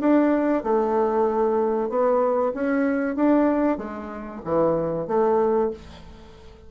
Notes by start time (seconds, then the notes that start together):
0.00 D4
0.63 A3
1.89 B3
2.54 C#4
3.16 D4
3.78 G#3
4.44 E3
5.07 A3